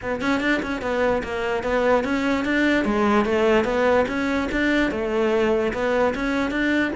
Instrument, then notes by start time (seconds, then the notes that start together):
cello
0.02 B3
0.21 C#4
0.40 D4
0.62 C#4
0.81 B3
1.23 A#3
1.63 B3
2.04 C#4
2.45 D4
2.84 G#3
3.25 A3
3.64 B3
4.07 C#4
4.51 D4
4.91 A3
5.73 B3
6.14 C#4
6.50 D4